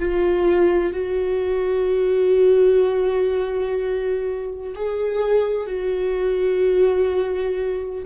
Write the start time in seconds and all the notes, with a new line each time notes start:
0.00 F4
0.94 F#4
4.75 G#4
5.67 F#4